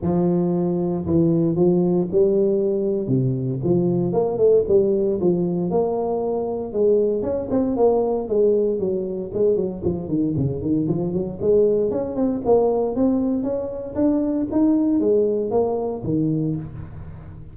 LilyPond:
\new Staff \with { instrumentName = "tuba" } { \time 4/4 \tempo 4 = 116 f2 e4 f4 | g2 c4 f4 | ais8 a8 g4 f4 ais4~ | ais4 gis4 cis'8 c'8 ais4 |
gis4 fis4 gis8 fis8 f8 dis8 | cis8 dis8 f8 fis8 gis4 cis'8 c'8 | ais4 c'4 cis'4 d'4 | dis'4 gis4 ais4 dis4 | }